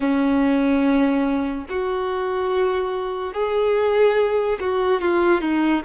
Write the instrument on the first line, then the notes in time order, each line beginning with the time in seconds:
violin
0.00 C#4
1.69 F#4
3.33 G#4
4.59 F#4
5.01 F4
5.41 D#4